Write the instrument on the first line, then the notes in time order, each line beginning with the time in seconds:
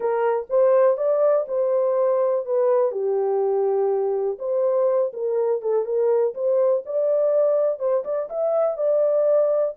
horn
0.00 A#4
0.49 C5
0.97 D5
1.47 C5
2.45 B4
2.91 G4
4.38 C5
5.13 A#4
5.61 A4
5.85 A#4
6.34 C5
6.85 D5
7.79 C5
8.04 D5
8.29 E5
8.77 D5